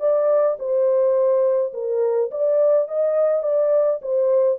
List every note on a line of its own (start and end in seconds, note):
0.00 0.57 D5
0.59 1.73 C5
1.74 2.31 A#4
2.31 2.89 D5
2.89 3.43 D#5
3.43 4.00 D5
4.02 4.59 C5